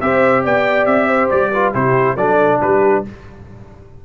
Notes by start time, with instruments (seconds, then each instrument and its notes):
0.00 tuba C4, trombone G4, horn C5, trumpet E5
0.44 tuba B3, horn D5, trumpet G5
0.85 tuba C4, trumpet E5
1.08 horn C5
1.30 tuba G3, trumpet D5
1.51 trombone F4, horn B4
1.73 tuba C3, trombone E4, horn G4, trumpet C5
2.16 tuba F#3, trombone D4, horn A4, trumpet D5
2.60 tuba G3, horn G4, trumpet B4